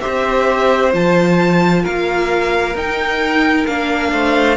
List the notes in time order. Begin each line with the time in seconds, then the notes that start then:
0.00 G4 C5 E5
0.06 C4
0.92 F3 F4 A5
1.82 A#3 A#4 F5
2.74 D#4 G5
3.66 A#3 D4 F5
4.12 A3 C5